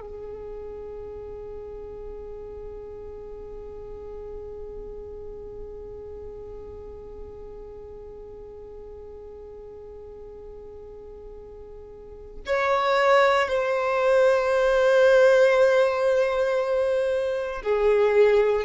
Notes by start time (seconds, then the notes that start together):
0.00 G#4
12.46 C#5
13.48 C5
17.62 G#4